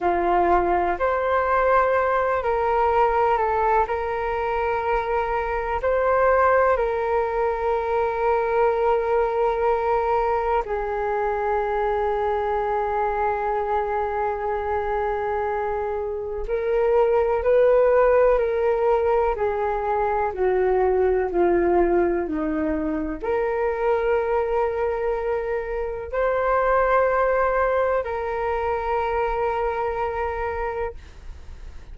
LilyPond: \new Staff \with { instrumentName = "flute" } { \time 4/4 \tempo 4 = 62 f'4 c''4. ais'4 a'8 | ais'2 c''4 ais'4~ | ais'2. gis'4~ | gis'1~ |
gis'4 ais'4 b'4 ais'4 | gis'4 fis'4 f'4 dis'4 | ais'2. c''4~ | c''4 ais'2. | }